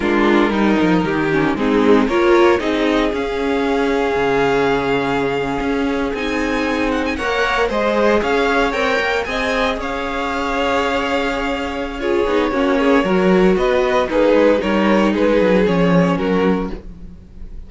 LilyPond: <<
  \new Staff \with { instrumentName = "violin" } { \time 4/4 \tempo 4 = 115 ais'2. gis'4 | cis''4 dis''4 f''2~ | f''2.~ f''8. gis''16~ | gis''4~ gis''16 fis''16 gis''16 fis''4 dis''4 f''16~ |
f''8. g''4 gis''4 f''4~ f''16~ | f''2. cis''4~ | cis''2 dis''4 b'4 | cis''4 b'4 cis''4 ais'4 | }
  \new Staff \with { instrumentName = "violin" } { \time 4/4 f'4 dis'4 g'4 dis'4 | ais'4 gis'2.~ | gis'1~ | gis'4.~ gis'16 cis''4 c''4 cis''16~ |
cis''4.~ cis''16 dis''4 cis''4~ cis''16~ | cis''2. gis'4 | fis'8 gis'8 ais'4 b'4 dis'4 | ais'4 gis'2 fis'4 | }
  \new Staff \with { instrumentName = "viola" } { \time 4/4 d'4 dis'4. cis'8 c'4 | f'4 dis'4 cis'2~ | cis'2.~ cis'8. dis'16~ | dis'4.~ dis'16 ais'4 gis'4~ gis'16~ |
gis'8. ais'4 gis'2~ gis'16~ | gis'2. f'8 dis'8 | cis'4 fis'2 gis'4 | dis'2 cis'2 | }
  \new Staff \with { instrumentName = "cello" } { \time 4/4 gis4 g8 f8 dis4 gis4 | ais4 c'4 cis'2 | cis2~ cis8. cis'4 c'16~ | c'4.~ c'16 ais4 gis4 cis'16~ |
cis'8. c'8 ais8 c'4 cis'4~ cis'16~ | cis'2.~ cis'8 b8 | ais4 fis4 b4 ais8 gis8 | g4 gis8 fis8 f4 fis4 | }
>>